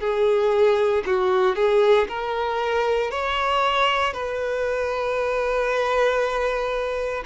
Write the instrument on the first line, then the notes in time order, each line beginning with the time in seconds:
violin
0.00 G#4
1.06 F#4
1.56 G#4
2.08 A#4
3.10 C#5
4.13 B4